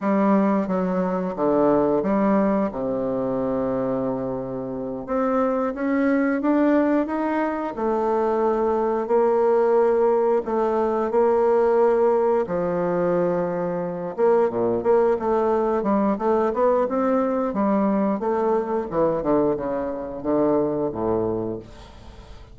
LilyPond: \new Staff \with { instrumentName = "bassoon" } { \time 4/4 \tempo 4 = 89 g4 fis4 d4 g4 | c2.~ c8 c'8~ | c'8 cis'4 d'4 dis'4 a8~ | a4. ais2 a8~ |
a8 ais2 f4.~ | f4 ais8 ais,8 ais8 a4 g8 | a8 b8 c'4 g4 a4 | e8 d8 cis4 d4 a,4 | }